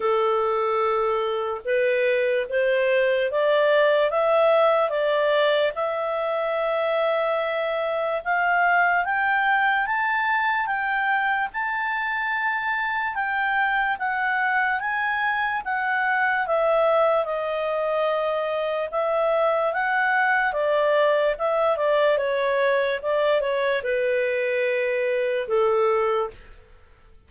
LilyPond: \new Staff \with { instrumentName = "clarinet" } { \time 4/4 \tempo 4 = 73 a'2 b'4 c''4 | d''4 e''4 d''4 e''4~ | e''2 f''4 g''4 | a''4 g''4 a''2 |
g''4 fis''4 gis''4 fis''4 | e''4 dis''2 e''4 | fis''4 d''4 e''8 d''8 cis''4 | d''8 cis''8 b'2 a'4 | }